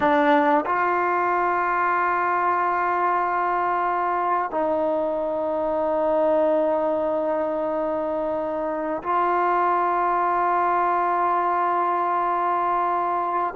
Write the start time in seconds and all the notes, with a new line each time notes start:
0.00 D4
0.65 F4
4.50 D#4
9.03 F4